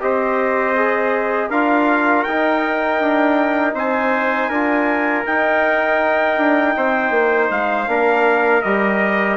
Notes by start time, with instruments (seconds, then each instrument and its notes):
0.00 bassoon C4, trombone G4, trumpet C5 D#5
0.75 trombone G#4
1.50 bassoon D4, trombone F4, trumpet A#4 F5
2.23 bassoon D#4, trombone D#4, trumpet G5
3.01 bassoon D4
3.74 bassoon C4, trumpet C5 G#5
4.49 bassoon D4, trombone F4, trumpet A#4
5.26 trombone D#4, bassoon D#4, trumpet G5
6.37 bassoon D4
6.77 bassoon C4, trumpet C5
7.11 bassoon A#3
7.51 bassoon G#3, trumpet F5
7.87 bassoon A#3, trombone D4, trumpet A#4
8.62 bassoon G3, trombone G4, trumpet D#5